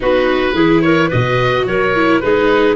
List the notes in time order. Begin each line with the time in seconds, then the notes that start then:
0.00 B3 D#4 F#4 B4
0.53 E3 E4 G#4
0.81 A#4 C#5
1.08 B2 F#4 B4 D#5
1.65 F#3 A#4 C#5
1.95 E4
2.20 G#3 D#4 G#4 B4